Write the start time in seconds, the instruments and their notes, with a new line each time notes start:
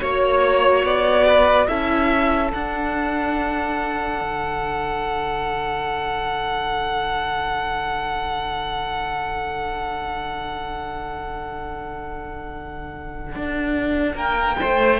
0.00 cello A#3, viola F#4, violin C#5
0.84 cello B3, violin D5
1.25 violin B4
1.67 cello C#4, viola E4, violin A4 E5
2.50 viola D4, cello D4, violin F#5
4.20 cello D3
13.35 cello D4
14.14 cello A#3, violin A#4 G5
14.61 cello A3, violin C5